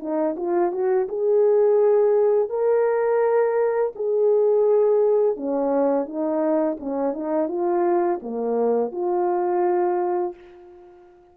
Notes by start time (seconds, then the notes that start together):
0.00 D#4
0.37 F4
0.72 F#4
1.09 G#4
2.50 A#4
3.96 G#4
5.37 C#4
6.06 D#4
6.80 C#4
7.14 D#4
7.48 F4
8.23 A#3
8.92 F4